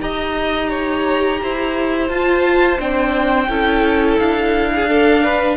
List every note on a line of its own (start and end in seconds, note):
0.00 1.41 D#4
0.00 2.09 G4
0.00 0.69 D#5
0.00 2.09 A#5
0.69 1.39 C#5
1.42 2.09 E4
1.42 3.49 C5
2.09 2.78 F4
2.09 2.79 A5
2.78 3.48 C4
2.78 3.48 D4
2.78 4.19 G5
3.48 4.18 C#4
3.48 4.87 E4
3.48 4.71 A4
4.19 5.57 D4
4.19 5.57 F5
4.75 4.89 G#4
4.87 5.57 D4
4.87 5.24 A4
5.24 5.57 B4